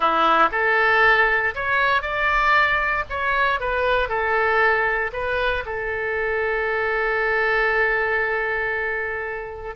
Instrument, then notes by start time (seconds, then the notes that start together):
oboe
0.00 E4
0.51 A4
1.54 C#5
2.01 D5
3.09 C#5
3.59 B4
4.08 A4
5.12 B4
5.65 A4